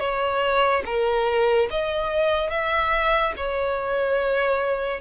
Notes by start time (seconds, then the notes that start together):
0.00 C#5
0.86 A#4
1.71 D#5
2.50 E5
3.37 C#5